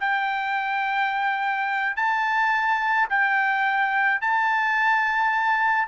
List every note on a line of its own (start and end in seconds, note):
0.00 1.96 G5
1.97 3.09 A5
3.09 4.21 G5
4.21 5.88 A5